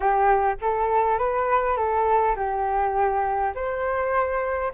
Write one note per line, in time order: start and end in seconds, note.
0.00 0.55 G4
0.61 1.18 A4
1.18 1.76 B4
1.76 2.35 A4
2.36 3.53 G4
3.55 4.72 C5